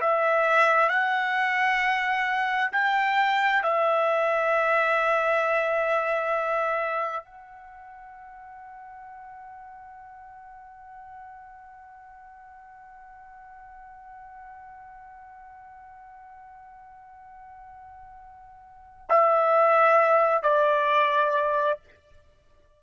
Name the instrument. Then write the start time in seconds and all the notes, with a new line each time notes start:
trumpet
0.00 E5
0.89 F#5
2.72 G5
3.63 E5
7.24 F#5
19.09 E5
20.43 D5